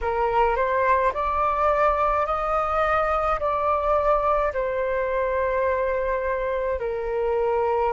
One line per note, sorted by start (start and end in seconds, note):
0.01 0.56 A#4
0.56 1.12 C5
1.13 2.25 D5
2.25 3.39 D#5
3.39 4.52 D5
4.53 6.79 C5
6.79 7.92 A#4